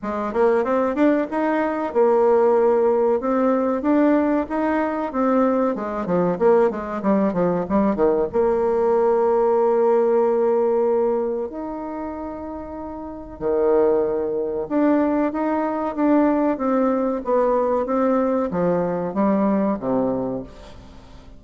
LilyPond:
\new Staff \with { instrumentName = "bassoon" } { \time 4/4 \tempo 4 = 94 gis8 ais8 c'8 d'8 dis'4 ais4~ | ais4 c'4 d'4 dis'4 | c'4 gis8 f8 ais8 gis8 g8 f8 | g8 dis8 ais2.~ |
ais2 dis'2~ | dis'4 dis2 d'4 | dis'4 d'4 c'4 b4 | c'4 f4 g4 c4 | }